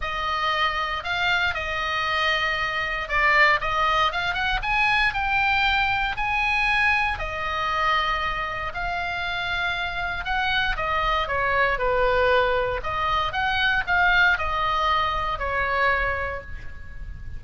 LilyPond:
\new Staff \with { instrumentName = "oboe" } { \time 4/4 \tempo 4 = 117 dis''2 f''4 dis''4~ | dis''2 d''4 dis''4 | f''8 fis''8 gis''4 g''2 | gis''2 dis''2~ |
dis''4 f''2. | fis''4 dis''4 cis''4 b'4~ | b'4 dis''4 fis''4 f''4 | dis''2 cis''2 | }